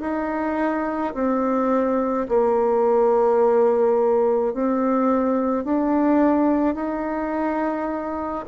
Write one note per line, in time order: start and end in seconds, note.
0.00 1.13 D#4
1.14 2.27 C4
2.28 4.53 A#3
4.53 5.64 C4
5.64 6.75 D4
6.75 8.44 D#4